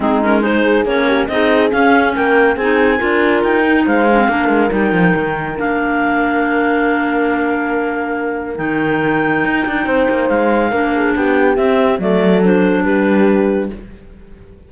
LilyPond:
<<
  \new Staff \with { instrumentName = "clarinet" } { \time 4/4 \tempo 4 = 140 gis'8 ais'8 c''4 cis''4 dis''4 | f''4 g''4 gis''2 | g''4 f''2 g''4~ | g''4 f''2.~ |
f''1 | g''1 | f''2 g''4 e''4 | d''4 c''4 b'2 | }
  \new Staff \with { instrumentName = "horn" } { \time 4/4 dis'4 gis'4. g'8 gis'4~ | gis'4 ais'4 gis'4 ais'4~ | ais'4 c''4 ais'2~ | ais'1~ |
ais'1~ | ais'2. c''4~ | c''4 ais'8 gis'8 g'2 | a'2 g'2 | }
  \new Staff \with { instrumentName = "clarinet" } { \time 4/4 c'8 cis'8 dis'4 cis'4 dis'4 | cis'2 dis'4 f'4~ | f'8 dis'4 d'16 c'16 d'4 dis'4~ | dis'4 d'2.~ |
d'1 | dis'1~ | dis'4 d'2 c'4 | a4 d'2. | }
  \new Staff \with { instrumentName = "cello" } { \time 4/4 gis2 ais4 c'4 | cis'4 ais4 c'4 d'4 | dis'4 gis4 ais8 gis8 g8 f8 | dis4 ais2.~ |
ais1 | dis2 dis'8 d'8 c'8 ais8 | gis4 ais4 b4 c'4 | fis2 g2 | }
>>